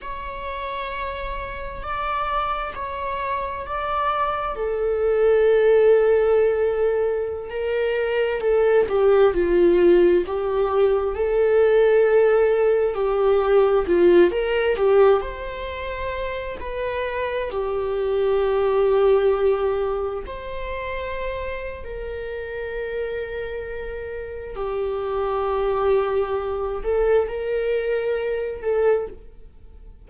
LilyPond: \new Staff \with { instrumentName = "viola" } { \time 4/4 \tempo 4 = 66 cis''2 d''4 cis''4 | d''4 a'2.~ | a'16 ais'4 a'8 g'8 f'4 g'8.~ | g'16 a'2 g'4 f'8 ais'16~ |
ais'16 g'8 c''4. b'4 g'8.~ | g'2~ g'16 c''4.~ c''16 | ais'2. g'4~ | g'4. a'8 ais'4. a'8 | }